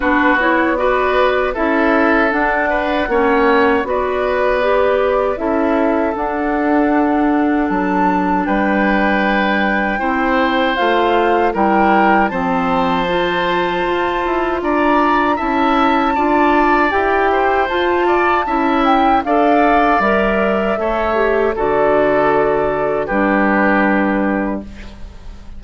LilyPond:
<<
  \new Staff \with { instrumentName = "flute" } { \time 4/4 \tempo 4 = 78 b'8 cis''8 d''4 e''4 fis''4~ | fis''4 d''2 e''4 | fis''2 a''4 g''4~ | g''2 f''4 g''4 |
a''2. ais''4 | a''2 g''4 a''4~ | a''8 g''8 f''4 e''2 | d''2 b'2 | }
  \new Staff \with { instrumentName = "oboe" } { \time 4/4 fis'4 b'4 a'4. b'8 | cis''4 b'2 a'4~ | a'2. b'4~ | b'4 c''2 ais'4 |
c''2. d''4 | e''4 d''4. c''4 d''8 | e''4 d''2 cis''4 | a'2 g'2 | }
  \new Staff \with { instrumentName = "clarinet" } { \time 4/4 d'8 e'8 fis'4 e'4 d'4 | cis'4 fis'4 g'4 e'4 | d'1~ | d'4 e'4 f'4 e'4 |
c'4 f'2. | e'4 f'4 g'4 f'4 | e'4 a'4 ais'4 a'8 g'8 | fis'2 d'2 | }
  \new Staff \with { instrumentName = "bassoon" } { \time 4/4 b2 cis'4 d'4 | ais4 b2 cis'4 | d'2 fis4 g4~ | g4 c'4 a4 g4 |
f2 f'8 e'8 d'4 | cis'4 d'4 e'4 f'4 | cis'4 d'4 g4 a4 | d2 g2 | }
>>